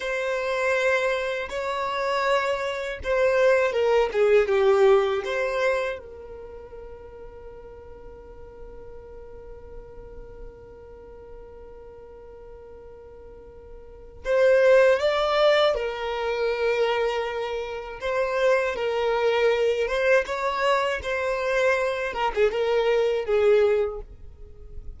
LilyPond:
\new Staff \with { instrumentName = "violin" } { \time 4/4 \tempo 4 = 80 c''2 cis''2 | c''4 ais'8 gis'8 g'4 c''4 | ais'1~ | ais'1~ |
ais'2. c''4 | d''4 ais'2. | c''4 ais'4. c''8 cis''4 | c''4. ais'16 gis'16 ais'4 gis'4 | }